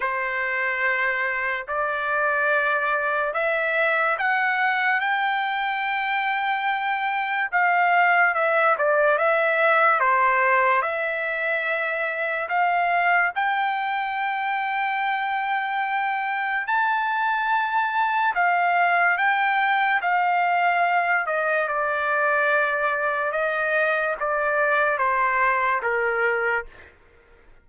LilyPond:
\new Staff \with { instrumentName = "trumpet" } { \time 4/4 \tempo 4 = 72 c''2 d''2 | e''4 fis''4 g''2~ | g''4 f''4 e''8 d''8 e''4 | c''4 e''2 f''4 |
g''1 | a''2 f''4 g''4 | f''4. dis''8 d''2 | dis''4 d''4 c''4 ais'4 | }